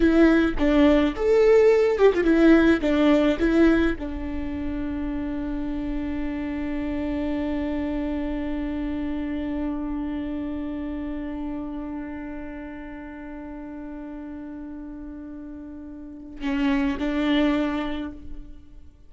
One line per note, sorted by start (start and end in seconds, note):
0.00 0.55 E4
0.58 1.15 D4
1.15 1.98 A4
1.98 2.12 G4
2.14 2.24 F4
2.24 2.80 E4
2.81 3.38 D4
3.39 3.96 E4
3.98 16.41 D4
16.41 16.98 C#4
16.98 18.11 D4